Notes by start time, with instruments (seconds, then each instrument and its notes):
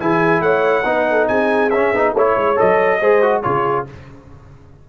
0.00 tuba E3, trombone E4, horn G#4, trumpet G#5
0.41 tuba A3, horn C#5, trumpet F#5
0.85 tuba B3, trombone D#4, horn B4
1.11 horn A4
1.28 tuba C4, horn G#4, trumpet G#5
1.71 tuba C#4, trombone C#4, trumpet E5
1.94 tuba B3, trombone D#4
2.13 tuba A3, trombone E4, horn C#5, trumpet C#5
2.36 tuba G#3
2.57 tuba F#3, trombone A4, trumpet D#5
3.01 tuba G#3, trombone G#4, horn C5
3.22 trombone F#4
3.43 tuba C#3, trombone F4, horn G#4, trumpet C#5